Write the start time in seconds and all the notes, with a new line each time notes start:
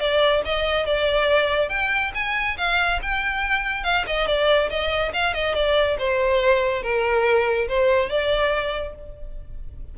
0.00 D5
0.45 D#5
0.86 D5
1.69 G5
2.15 G#5
2.58 F5
3.02 G5
3.84 F5
4.07 D#5
4.27 D5
4.70 D#5
5.14 F5
5.34 D#5
5.55 D5
5.99 C5
6.83 A#4
7.68 C5
8.10 D5